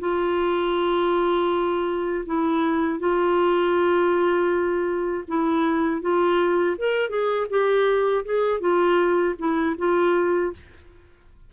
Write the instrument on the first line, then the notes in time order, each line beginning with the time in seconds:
clarinet
0.00 F4
2.26 E4
3.00 F4
5.28 E4
6.02 F4
6.78 A#4
7.09 G#4
7.50 G4
8.25 G#4
8.60 F4
9.39 E4
9.78 F4